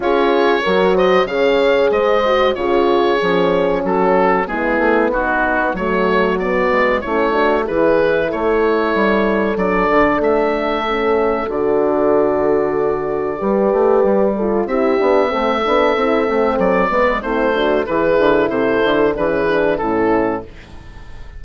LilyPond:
<<
  \new Staff \with { instrumentName = "oboe" } { \time 4/4 \tempo 4 = 94 cis''4. dis''8 f''4 dis''4 | cis''2 a'4 gis'4 | fis'4 cis''4 d''4 cis''4 | b'4 cis''2 d''4 |
e''2 d''2~ | d''2. e''4~ | e''2 d''4 c''4 | b'4 c''4 b'4 a'4 | }
  \new Staff \with { instrumentName = "horn" } { \time 4/4 gis'4 ais'8 c''8 cis''4 c''4 | gis'2 fis'4 e'4 | dis'4 fis'2 e'8 fis'8 | gis'4 a'2.~ |
a'1~ | a'4 b'4. a'8 g'4 | a'2~ a'8 b'8 e'8 fis'8 | gis'4 a'4 gis'4 e'4 | }
  \new Staff \with { instrumentName = "horn" } { \time 4/4 f'4 fis'4 gis'4. fis'8 | f'4 cis'2 b4~ | b4 a4 b4 cis'8 d'8 | e'2. d'4~ |
d'4 cis'4 fis'2~ | fis'4 g'4. f'8 e'8 d'8 | c'8 d'8 e'8 c'4 b8 c'8 d'8 | e'2 d'16 cis'16 d'8 cis'4 | }
  \new Staff \with { instrumentName = "bassoon" } { \time 4/4 cis'4 fis4 cis4 gis4 | cis4 f4 fis4 gis8 a8 | b4 fis4. gis8 a4 | e4 a4 g4 fis8 d8 |
a2 d2~ | d4 g8 a8 g4 c'8 b8 | a8 b8 c'8 a8 fis8 gis8 a4 | e8 d8 c8 d8 e4 a,4 | }
>>